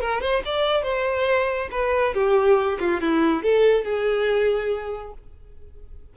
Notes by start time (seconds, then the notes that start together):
0.00 A#4
0.21 C5
0.45 D5
0.83 C5
1.71 B4
2.14 G4
2.79 F4
3.00 E4
3.42 A4
3.84 G#4